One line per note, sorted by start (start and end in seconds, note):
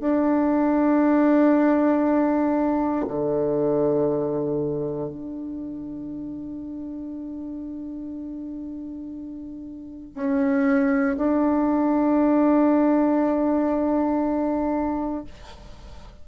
0.00 3.05 D4
3.07 5.09 D3
5.09 10.14 D4
10.14 11.16 C#4
11.17 15.24 D4